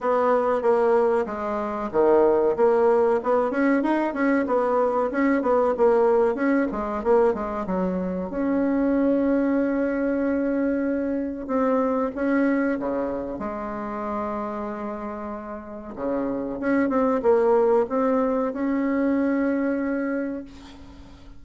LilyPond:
\new Staff \with { instrumentName = "bassoon" } { \time 4/4 \tempo 4 = 94 b4 ais4 gis4 dis4 | ais4 b8 cis'8 dis'8 cis'8 b4 | cis'8 b8 ais4 cis'8 gis8 ais8 gis8 | fis4 cis'2.~ |
cis'2 c'4 cis'4 | cis4 gis2.~ | gis4 cis4 cis'8 c'8 ais4 | c'4 cis'2. | }